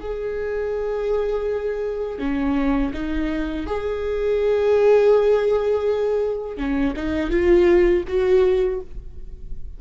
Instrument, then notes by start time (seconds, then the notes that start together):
viola
0.00 G#4
2.19 C#4
2.93 D#4
3.66 G#4
6.57 C#4
6.96 D#4
7.30 F4
8.08 F#4